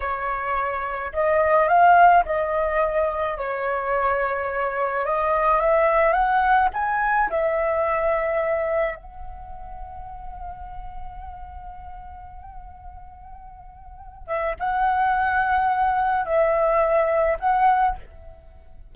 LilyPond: \new Staff \with { instrumentName = "flute" } { \time 4/4 \tempo 4 = 107 cis''2 dis''4 f''4 | dis''2 cis''2~ | cis''4 dis''4 e''4 fis''4 | gis''4 e''2. |
fis''1~ | fis''1~ | fis''4. e''8 fis''2~ | fis''4 e''2 fis''4 | }